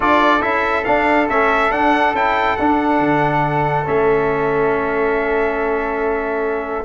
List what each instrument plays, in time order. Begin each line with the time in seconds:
0.00 tuba D4, trombone F4, flute A4, trumpet D5
0.41 tuba C#4, trombone E4, trumpet E5
0.84 trombone D4, tuba D4, trumpet F5
1.29 tuba A3, trombone C#4, trumpet E5
1.71 tuba D4, trombone D4, trumpet F#5
2.12 tuba C#4, trombone E4, trumpet G5
2.56 tuba D4, trombone D4, trumpet F#5
2.99 tuba D3
3.84 tuba A3, trombone C#4, trumpet E5